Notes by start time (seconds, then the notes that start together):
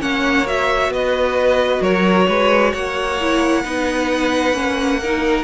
0.00 A#3 C#4 C#5 F#5
0.46 F#4 E5
0.89 B3 B4 D#5
1.82 F#3 A#4 C#5
2.28 G#3 B4
2.72 A#3 C#5 F#5
3.21 E4
3.65 B3 D#4 B4
4.53 A#3 C#4
5.02 D#4 A#4